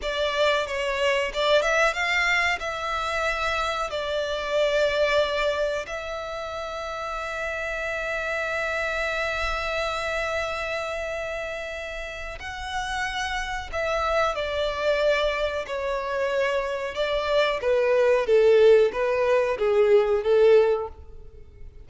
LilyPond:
\new Staff \with { instrumentName = "violin" } { \time 4/4 \tempo 4 = 92 d''4 cis''4 d''8 e''8 f''4 | e''2 d''2~ | d''4 e''2.~ | e''1~ |
e''2. fis''4~ | fis''4 e''4 d''2 | cis''2 d''4 b'4 | a'4 b'4 gis'4 a'4 | }